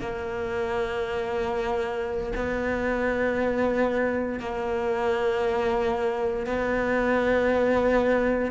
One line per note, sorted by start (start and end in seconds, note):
0.00 2.33 A#3
2.35 4.40 B3
4.40 6.47 A#3
6.47 8.51 B3